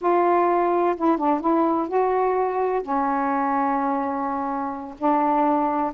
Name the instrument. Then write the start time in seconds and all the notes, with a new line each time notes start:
saxophone
0.01 F4
0.96 E4
1.17 D4
1.40 E4
1.88 F#4
2.82 C#4
4.98 D4